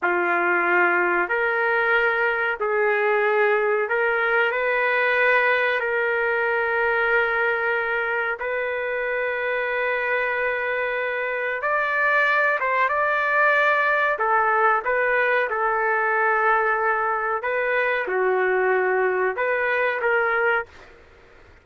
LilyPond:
\new Staff \with { instrumentName = "trumpet" } { \time 4/4 \tempo 4 = 93 f'2 ais'2 | gis'2 ais'4 b'4~ | b'4 ais'2.~ | ais'4 b'2.~ |
b'2 d''4. c''8 | d''2 a'4 b'4 | a'2. b'4 | fis'2 b'4 ais'4 | }